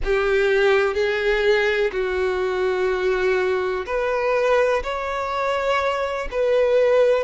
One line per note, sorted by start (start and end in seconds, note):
0.04 0.94 G4
0.94 1.90 G#4
1.92 3.85 F#4
3.86 4.83 B4
4.83 6.28 C#5
6.31 7.24 B4